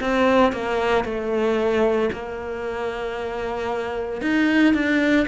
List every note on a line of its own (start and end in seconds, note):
0.00 0.53 C4
0.53 1.04 A#3
1.04 2.10 A3
2.12 4.21 A#3
4.21 4.74 D#4
4.74 5.26 D4